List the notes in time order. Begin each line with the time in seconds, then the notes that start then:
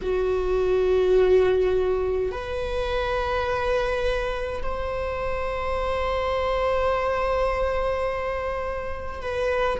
0.01 F#4
2.31 B4
4.63 C5
9.22 B4